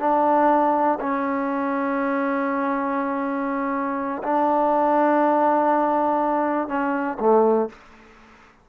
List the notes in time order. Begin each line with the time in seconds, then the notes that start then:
0.00 D4
1.01 C#4
4.24 D4
6.69 C#4
7.20 A3